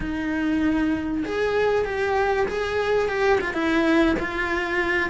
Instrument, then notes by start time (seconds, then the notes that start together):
cello
0.00 D#4
1.25 G#4
1.84 G4
2.47 G#4
3.08 G4
3.40 F4
3.53 E4
4.19 F4